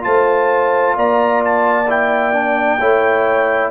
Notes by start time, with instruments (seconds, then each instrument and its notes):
0.00 tuba A3, trombone F4, horn C5, trumpet A5
0.96 tuba A#3, horn D5, trumpet A#5
1.44 trumpet A5
1.89 trombone E4, trumpet G5
2.33 trombone D4
2.79 tuba A3, trombone E4, horn C#5